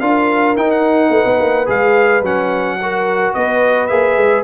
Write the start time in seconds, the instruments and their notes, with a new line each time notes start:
0.00 tuba D4, trombone F4, horn A#4, trumpet F5
0.56 tuba D#4, trombone D#4, trumpet G5
0.71 trumpet F#5
1.09 tuba A3, horn B4
1.25 tuba B3
1.40 tuba A#3
1.66 tuba G#3, trombone G#4, trumpet F5
2.21 tuba F#3, trombone C#4, trumpet F#5
2.82 trombone F#4, horn A#4
3.34 tuba B3, horn B4, trumpet D#5
3.87 tuba A#3, trombone G#4, trumpet E5
4.16 tuba G#3